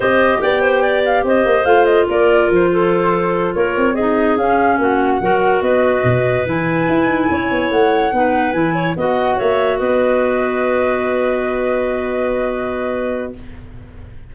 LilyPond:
<<
  \new Staff \with { instrumentName = "flute" } { \time 4/4 \tempo 4 = 144 dis''4 g''4. f''8 dis''4 | f''8 dis''8 d''4 c''2~ | c''8 cis''4 dis''4 f''4 fis''8~ | fis''4. dis''2 gis''8~ |
gis''2~ gis''8 fis''4.~ | fis''8 gis''4 fis''4 e''4 dis''8~ | dis''1~ | dis''1 | }
  \new Staff \with { instrumentName = "clarinet" } { \time 4/4 c''4 d''8 c''8 d''4 c''4~ | c''4 ais'4. a'4.~ | a'8 ais'4 gis'2 fis'8~ | fis'8 ais'4 b'2~ b'8~ |
b'4. cis''2 b'8~ | b'4 cis''8 dis''4 cis''4 b'8~ | b'1~ | b'1 | }
  \new Staff \with { instrumentName = "clarinet" } { \time 4/4 g'1 | f'1~ | f'4. dis'4 cis'4.~ | cis'8 fis'2. e'8~ |
e'2.~ e'8 dis'8~ | dis'8 e'4 fis'2~ fis'8~ | fis'1~ | fis'1 | }
  \new Staff \with { instrumentName = "tuba" } { \time 4/4 c'4 b2 c'8 ais8 | a4 ais4 f2~ | f8 ais8 c'4. cis'4 ais8~ | ais8 fis4 b4 b,4 e8~ |
e8 e'8 dis'8 cis'8 b8 a4 b8~ | b8 e4 b4 ais4 b8~ | b1~ | b1 | }
>>